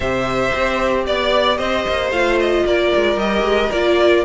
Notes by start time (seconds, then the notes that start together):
0.00 C3 G4 C5 E5
0.55 C4
1.06 B3 D5
1.57 C4 C5 D#5
1.87 A#3
2.11 A3 F4 F5
2.39 D#5
2.65 A#3 A#4 D5
2.95 G#3
3.16 G3 G4 D#5
3.41 G#3
3.71 A#3 F4 D5